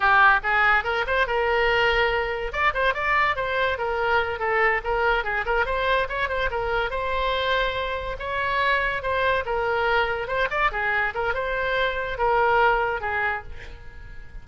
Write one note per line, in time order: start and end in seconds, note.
0.00 0.40 G4
0.43 0.84 G#4
0.84 1.05 A#4
1.07 1.26 C5
1.26 2.52 A#4
2.52 2.73 D5
2.74 2.94 C5
2.94 3.36 D5
3.36 3.77 C5
3.77 4.39 A#4
4.39 4.81 A4
4.84 5.24 A#4
5.24 5.45 G#4
5.45 5.65 A#4
5.65 6.07 C5
6.09 6.28 C#5
6.28 6.49 C5
6.50 6.90 A#4
6.90 8.16 C5
8.19 9.02 C#5
9.02 9.44 C5
9.45 10.27 A#4
10.27 10.48 C5
10.50 10.71 D5
10.71 11.13 G#4
11.14 11.34 A#4
11.34 12.18 C5
12.18 13.00 A#4
13.00 13.42 G#4